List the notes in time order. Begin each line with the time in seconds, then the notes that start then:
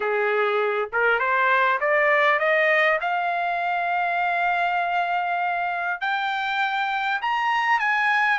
0.00 G#4
0.92 A#4
1.19 C5
1.80 D5
2.39 D#5
3.00 F5
6.00 G5
7.21 A#5
7.79 G#5